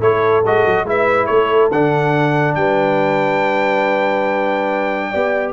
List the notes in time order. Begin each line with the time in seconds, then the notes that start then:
0.00 A3 E4 A4 C#5
0.44 G#3 F#4 D#5
0.66 F#3
0.84 G#3 E4 B4 E5
1.26 A3 A4 C#5
1.72 D3 D4 F#5
2.55 G3 B4 G5
5.10 B3 G4 D5